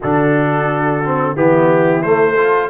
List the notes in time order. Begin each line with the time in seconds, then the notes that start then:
0.00 D3 D4 F#4 A4
1.04 C4
1.35 E3 B3 E4 G4
2.02 A3 C5
2.33 F4 A4